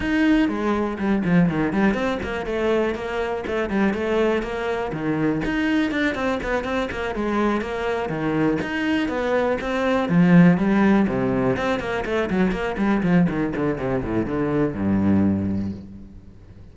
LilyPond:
\new Staff \with { instrumentName = "cello" } { \time 4/4 \tempo 4 = 122 dis'4 gis4 g8 f8 dis8 g8 | c'8 ais8 a4 ais4 a8 g8 | a4 ais4 dis4 dis'4 | d'8 c'8 b8 c'8 ais8 gis4 ais8~ |
ais8 dis4 dis'4 b4 c'8~ | c'8 f4 g4 c4 c'8 | ais8 a8 fis8 ais8 g8 f8 dis8 d8 | c8 a,8 d4 g,2 | }